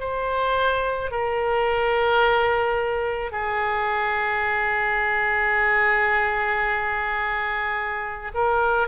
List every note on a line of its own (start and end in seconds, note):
0.00 1.11 C5
1.11 3.32 A#4
3.32 8.32 G#4
8.34 8.88 A#4